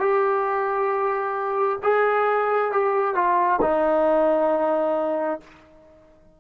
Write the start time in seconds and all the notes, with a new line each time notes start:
0.00 G4
1.83 G#4
2.72 G4
3.15 F4
3.61 D#4